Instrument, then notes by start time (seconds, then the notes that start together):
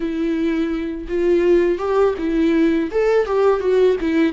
viola
0.00 E4
1.08 F4
1.78 G4
2.18 E4
2.91 A4
3.26 G4
3.60 F#4
4.01 E4